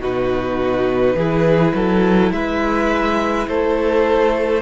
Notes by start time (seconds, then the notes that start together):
0.00 B2 D#4 F#4 B4
1.15 E3 E4 G#4
1.75 F#3 A4
2.31 G#3 B4 E5
3.48 A3 A4 C5